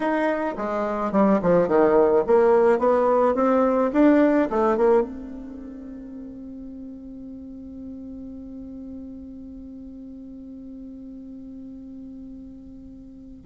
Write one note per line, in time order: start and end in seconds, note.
0.00 0.54 D#4
0.57 1.12 G#3
1.12 1.40 G3
1.42 1.67 F3
1.67 2.24 D#3
2.26 2.79 A#3
2.79 3.35 B3
3.35 3.91 C4
3.93 4.49 D4
4.50 4.77 A3
4.77 5.02 A#3
5.02 13.43 C4